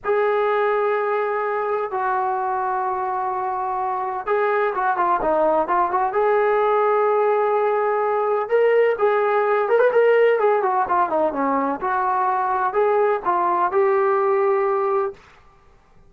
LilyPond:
\new Staff \with { instrumentName = "trombone" } { \time 4/4 \tempo 4 = 127 gis'1 | fis'1~ | fis'4 gis'4 fis'8 f'8 dis'4 | f'8 fis'8 gis'2.~ |
gis'2 ais'4 gis'4~ | gis'8 ais'16 b'16 ais'4 gis'8 fis'8 f'8 dis'8 | cis'4 fis'2 gis'4 | f'4 g'2. | }